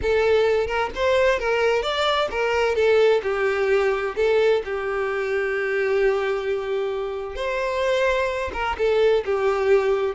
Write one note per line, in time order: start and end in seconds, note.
0.02 0.67 A4
0.67 0.90 A#4
0.95 1.39 C5
1.39 1.82 A#4
1.82 2.28 D5
2.30 2.75 A#4
2.75 3.21 A4
3.22 4.15 G4
4.16 4.62 A4
4.64 7.35 G4
7.35 8.51 C5
8.53 8.76 A#4
8.78 9.24 A4
9.25 10.15 G4